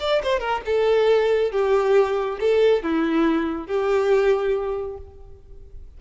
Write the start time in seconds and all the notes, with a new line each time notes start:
0.00 D5
0.23 C5
0.40 A#4
0.66 A4
1.51 G4
2.40 A4
2.83 E4
3.67 G4